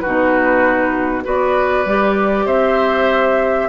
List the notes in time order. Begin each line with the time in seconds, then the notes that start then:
0.00 D#4 F#4 B4
0.06 B2
1.24 B3 F#4 B4 D5
1.86 G3 G4
2.46 C4 C5 E5